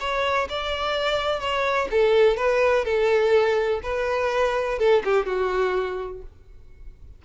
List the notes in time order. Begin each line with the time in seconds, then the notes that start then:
0.00 C#5
0.49 D5
1.40 C#5
1.91 A4
2.37 B4
2.85 A4
3.83 B4
4.79 A4
5.04 G4
5.26 F#4